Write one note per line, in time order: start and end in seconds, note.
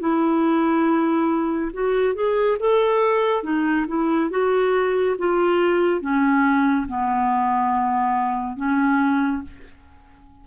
0.00 1.71 E4
1.73 2.15 F#4
2.15 2.58 G#4
2.59 3.43 A4
3.43 3.86 D#4
3.87 4.30 E4
4.31 5.16 F#4
5.19 6.01 F4
6.01 6.87 C#4
6.88 8.57 B3
8.57 9.42 C#4